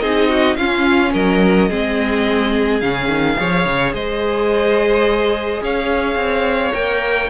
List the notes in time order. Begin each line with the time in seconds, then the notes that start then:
0.00 C4 D#4 G#4 D#5
0.29 F#4
0.56 C#4 F4 F5
1.14 F#3 A#4 D#5
1.69 G#3 C4 G#4
2.80 C#3 C#4 F5
3.08 D#3
3.37 F3 G#4 C#5
3.65 C#3
3.93 G#3 C5 D#5
5.62 C#4 C#5 F5
6.16 C4
6.72 A#3 A#4 G5